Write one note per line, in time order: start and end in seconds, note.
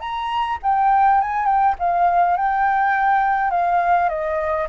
0.00 0.58 A#5
0.62 1.21 G5
1.21 1.46 G#5
1.46 1.75 G5
1.79 2.37 F5
2.37 3.51 G5
3.51 4.09 F5
4.09 4.67 D#5